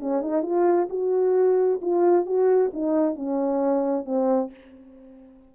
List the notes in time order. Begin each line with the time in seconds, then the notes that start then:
0.00 C#4
0.22 D#4
0.43 F4
0.90 F#4
1.82 F4
2.26 F#4
2.73 D#4
3.16 C#4
4.06 C4